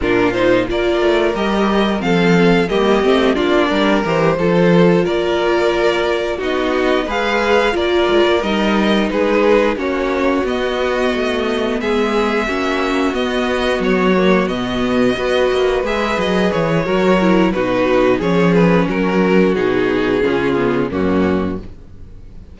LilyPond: <<
  \new Staff \with { instrumentName = "violin" } { \time 4/4 \tempo 4 = 89 ais'8 c''8 d''4 dis''4 f''4 | dis''4 d''4 c''4. d''8~ | d''4. dis''4 f''4 d''8~ | d''8 dis''4 b'4 cis''4 dis''8~ |
dis''4. e''2 dis''8~ | dis''8 cis''4 dis''2 e''8 | dis''8 cis''4. b'4 cis''8 b'8 | ais'4 gis'2 fis'4 | }
  \new Staff \with { instrumentName = "violin" } { \time 4/4 f'4 ais'2 a'4 | g'4 f'8 ais'4 a'4 ais'8~ | ais'4. fis'4 b'4 ais'8~ | ais'4. gis'4 fis'4.~ |
fis'4. gis'4 fis'4.~ | fis'2~ fis'8 b'4.~ | b'4 ais'4 fis'4 gis'4 | fis'2 f'4 cis'4 | }
  \new Staff \with { instrumentName = "viola" } { \time 4/4 d'8 dis'8 f'4 g'4 c'4 | ais8 c'8 d'4 g'8 f'4.~ | f'4. dis'4 gis'4 f'8~ | f'8 dis'2 cis'4 b8~ |
b2~ b8 cis'4 b8~ | b4 ais8 b4 fis'4 gis'8~ | gis'4 fis'8 e'8 dis'4 cis'4~ | cis'4 dis'4 cis'8 b8 ais4 | }
  \new Staff \with { instrumentName = "cello" } { \time 4/4 ais,4 ais8 a8 g4 f4 | g8 a8 ais8 g8 e8 f4 ais8~ | ais4. b4 gis4 ais8 | gis16 ais16 g4 gis4 ais4 b8~ |
b8 a4 gis4 ais4 b8~ | b8 fis4 b,4 b8 ais8 gis8 | fis8 e8 fis4 b,4 f4 | fis4 b,4 cis4 fis,4 | }
>>